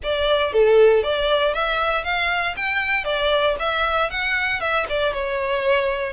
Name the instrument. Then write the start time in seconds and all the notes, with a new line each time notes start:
violin
0.03 D5
0.52 A4
1.03 D5
1.54 E5
2.03 F5
2.56 G5
3.04 D5
3.59 E5
4.10 F#5
4.60 E5
4.89 D5
5.13 C#5